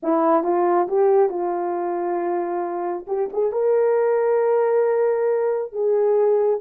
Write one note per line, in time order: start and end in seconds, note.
0.03 0.43 E4
0.43 0.87 F4
0.88 1.29 G4
1.29 3.05 F4
3.07 3.29 G4
3.32 3.52 G#4
3.52 5.72 A#4
5.72 6.60 G#4